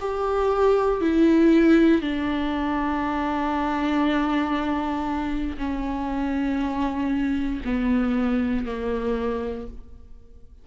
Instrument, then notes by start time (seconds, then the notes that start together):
viola
0.00 G4
1.01 E4
2.01 D4
5.58 C#4
7.65 B3
8.65 A#3